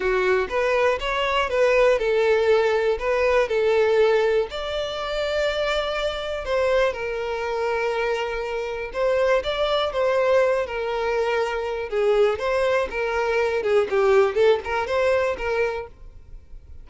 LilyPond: \new Staff \with { instrumentName = "violin" } { \time 4/4 \tempo 4 = 121 fis'4 b'4 cis''4 b'4 | a'2 b'4 a'4~ | a'4 d''2.~ | d''4 c''4 ais'2~ |
ais'2 c''4 d''4 | c''4. ais'2~ ais'8 | gis'4 c''4 ais'4. gis'8 | g'4 a'8 ais'8 c''4 ais'4 | }